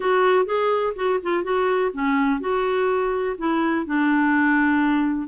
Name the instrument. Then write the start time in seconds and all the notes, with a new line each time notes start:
clarinet
0.00 F#4
0.45 G#4
0.95 F#4
1.22 F4
1.43 F#4
1.93 C#4
2.40 F#4
3.37 E4
3.86 D4